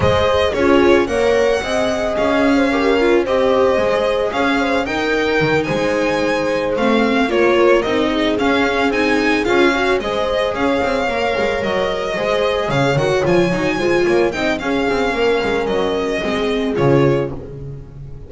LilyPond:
<<
  \new Staff \with { instrumentName = "violin" } { \time 4/4 \tempo 4 = 111 dis''4 cis''4 fis''2 | f''2 dis''2 | f''4 g''4. gis''4.~ | gis''8 f''4 cis''4 dis''4 f''8~ |
f''8 gis''4 f''4 dis''4 f''8~ | f''4. dis''2 f''8 | fis''8 gis''2 g''8 f''4~ | f''4 dis''2 cis''4 | }
  \new Staff \with { instrumentName = "horn" } { \time 4/4 c''4 gis'4 cis''4 dis''4~ | dis''8. c''16 ais'4 c''2 | cis''8 c''8 ais'4. c''4.~ | c''4. ais'4. gis'4~ |
gis'2 cis''8 c''4 cis''8~ | cis''2~ cis''8 c''4 cis''8~ | cis''4. c''8 cis''8 dis''8 gis'4 | ais'2 gis'2 | }
  \new Staff \with { instrumentName = "viola" } { \time 4/4 gis'4 f'4 ais'4 gis'4~ | gis'4 g'8 f'8 g'4 gis'4~ | gis'4 dis'2.~ | dis'8 c'4 f'4 dis'4 cis'8~ |
cis'8 dis'4 f'8 fis'8 gis'4.~ | gis'8 ais'2 gis'4. | fis'8 f'8 dis'8 f'4 dis'8 cis'4~ | cis'2 c'4 f'4 | }
  \new Staff \with { instrumentName = "double bass" } { \time 4/4 gis4 cis'4 ais4 c'4 | cis'2 c'4 gis4 | cis'4 dis'4 dis8 gis4.~ | gis8 a4 ais4 c'4 cis'8~ |
cis'8 c'4 cis'4 gis4 cis'8 | c'8 ais8 gis8 fis4 gis4 cis8 | dis8 f8 fis8 gis8 ais8 c'8 cis'8 c'8 | ais8 gis8 fis4 gis4 cis4 | }
>>